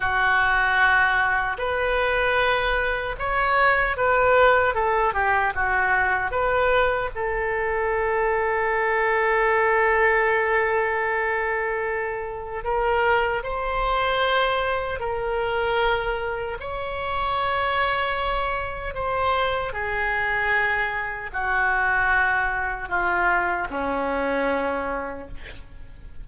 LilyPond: \new Staff \with { instrumentName = "oboe" } { \time 4/4 \tempo 4 = 76 fis'2 b'2 | cis''4 b'4 a'8 g'8 fis'4 | b'4 a'2.~ | a'1 |
ais'4 c''2 ais'4~ | ais'4 cis''2. | c''4 gis'2 fis'4~ | fis'4 f'4 cis'2 | }